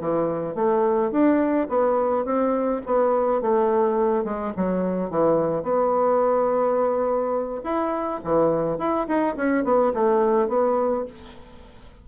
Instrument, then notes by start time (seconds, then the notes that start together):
bassoon
0.00 E3
0.55 A3
1.11 D4
1.69 B3
2.25 C4
2.86 B3
3.41 A3
4.24 G#3
4.57 F#3
5.10 E3
5.63 B3
7.64 E4
8.24 E3
8.78 E4
9.08 D#4
9.36 C#4
9.64 B3
9.94 A3
10.48 B3